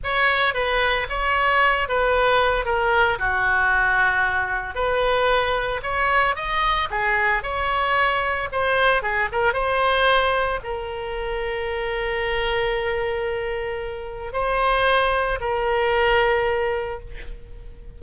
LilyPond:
\new Staff \with { instrumentName = "oboe" } { \time 4/4 \tempo 4 = 113 cis''4 b'4 cis''4. b'8~ | b'4 ais'4 fis'2~ | fis'4 b'2 cis''4 | dis''4 gis'4 cis''2 |
c''4 gis'8 ais'8 c''2 | ais'1~ | ais'2. c''4~ | c''4 ais'2. | }